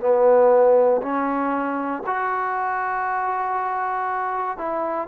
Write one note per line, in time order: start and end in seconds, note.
0.00 1.01 B3
1.02 2.03 C#4
2.06 4.58 F#4
4.58 5.07 E4